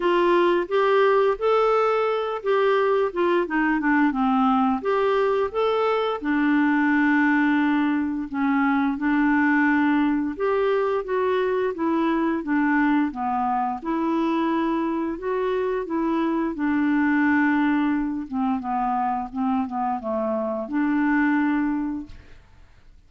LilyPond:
\new Staff \with { instrumentName = "clarinet" } { \time 4/4 \tempo 4 = 87 f'4 g'4 a'4. g'8~ | g'8 f'8 dis'8 d'8 c'4 g'4 | a'4 d'2. | cis'4 d'2 g'4 |
fis'4 e'4 d'4 b4 | e'2 fis'4 e'4 | d'2~ d'8 c'8 b4 | c'8 b8 a4 d'2 | }